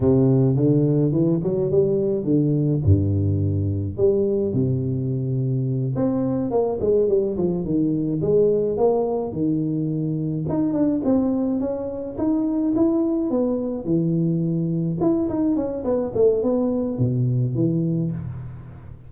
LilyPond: \new Staff \with { instrumentName = "tuba" } { \time 4/4 \tempo 4 = 106 c4 d4 e8 fis8 g4 | d4 g,2 g4 | c2~ c8 c'4 ais8 | gis8 g8 f8 dis4 gis4 ais8~ |
ais8 dis2 dis'8 d'8 c'8~ | c'8 cis'4 dis'4 e'4 b8~ | b8 e2 e'8 dis'8 cis'8 | b8 a8 b4 b,4 e4 | }